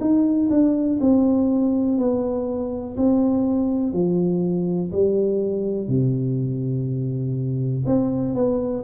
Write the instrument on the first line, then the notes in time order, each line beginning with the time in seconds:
tuba
0.00 D#4
0.50 D4
1.00 C4
1.98 B3
2.96 C4
3.93 F3
4.91 G3
5.87 C3
7.86 C4
8.34 B3